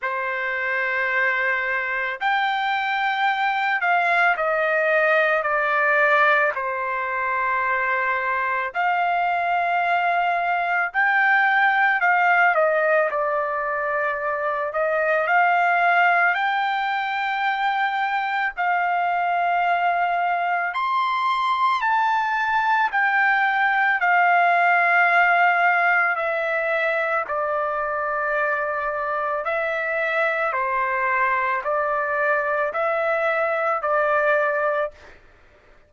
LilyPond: \new Staff \with { instrumentName = "trumpet" } { \time 4/4 \tempo 4 = 55 c''2 g''4. f''8 | dis''4 d''4 c''2 | f''2 g''4 f''8 dis''8 | d''4. dis''8 f''4 g''4~ |
g''4 f''2 c'''4 | a''4 g''4 f''2 | e''4 d''2 e''4 | c''4 d''4 e''4 d''4 | }